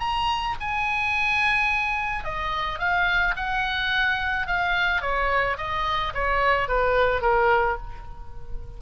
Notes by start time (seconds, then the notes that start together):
0.00 A#5
0.60 G#5
2.25 D#5
2.79 F5
3.36 F#5
4.47 F5
5.02 C#5
5.58 D#5
6.14 C#5
6.68 B4
7.22 A#4